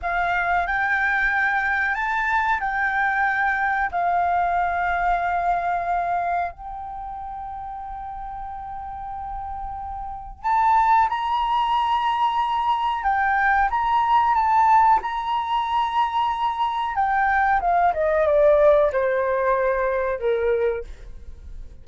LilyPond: \new Staff \with { instrumentName = "flute" } { \time 4/4 \tempo 4 = 92 f''4 g''2 a''4 | g''2 f''2~ | f''2 g''2~ | g''1 |
a''4 ais''2. | g''4 ais''4 a''4 ais''4~ | ais''2 g''4 f''8 dis''8 | d''4 c''2 ais'4 | }